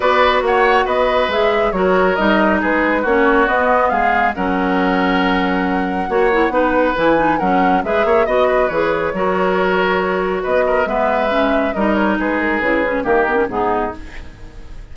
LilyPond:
<<
  \new Staff \with { instrumentName = "flute" } { \time 4/4 \tempo 4 = 138 d''4 fis''4 dis''4 e''4 | cis''4 dis''4 b'4 cis''4 | dis''4 f''4 fis''2~ | fis''1 |
gis''4 fis''4 e''4 dis''4 | cis''1 | dis''4 e''2 dis''8 cis''8 | b'8 ais'8 b'4 ais'4 gis'4 | }
  \new Staff \with { instrumentName = "oboe" } { \time 4/4 b'4 cis''4 b'2 | ais'2 gis'4 fis'4~ | fis'4 gis'4 ais'2~ | ais'2 cis''4 b'4~ |
b'4 ais'4 b'8 cis''8 dis''8 b'8~ | b'4 ais'2. | b'8 ais'8 b'2 ais'4 | gis'2 g'4 dis'4 | }
  \new Staff \with { instrumentName = "clarinet" } { \time 4/4 fis'2. gis'4 | fis'4 dis'2 cis'4 | b2 cis'2~ | cis'2 fis'8 e'8 dis'4 |
e'8 dis'8 cis'4 gis'4 fis'4 | gis'4 fis'2.~ | fis'4 b4 cis'4 dis'4~ | dis'4 e'8 cis'8 ais8 b16 cis'16 b4 | }
  \new Staff \with { instrumentName = "bassoon" } { \time 4/4 b4 ais4 b4 gis4 | fis4 g4 gis4 ais4 | b4 gis4 fis2~ | fis2 ais4 b4 |
e4 fis4 gis8 ais8 b4 | e4 fis2. | b4 gis2 g4 | gis4 cis4 dis4 gis,4 | }
>>